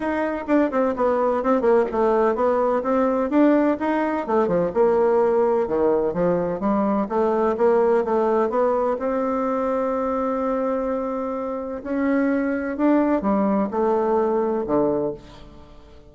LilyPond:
\new Staff \with { instrumentName = "bassoon" } { \time 4/4 \tempo 4 = 127 dis'4 d'8 c'8 b4 c'8 ais8 | a4 b4 c'4 d'4 | dis'4 a8 f8 ais2 | dis4 f4 g4 a4 |
ais4 a4 b4 c'4~ | c'1~ | c'4 cis'2 d'4 | g4 a2 d4 | }